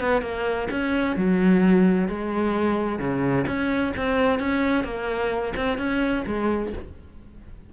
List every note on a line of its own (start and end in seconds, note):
0.00 0.22 B3
0.22 0.68 A#3
0.70 1.16 C#4
1.16 2.08 F#3
2.08 2.99 G#3
2.99 3.45 C#3
3.47 3.93 C#4
3.96 4.39 C4
4.39 4.84 C#4
4.84 5.53 A#3
5.56 5.77 C4
5.77 6.23 C#4
6.26 6.73 G#3